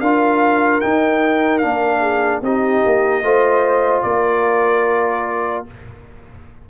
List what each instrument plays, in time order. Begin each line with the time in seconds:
0.00 tuba D4, trombone F4, horn A#4, trumpet F5
0.80 trombone D#4, tuba D#4, trumpet G5
1.58 tuba A#3, trombone D4, trumpet F5
2.00 horn G#4
2.42 tuba C4, trombone D#4, horn G4, trumpet D#5
2.86 tuba A#3
3.23 tuba A3, trombone F4, horn C5
4.02 tuba A#3, horn A#4, trumpet D5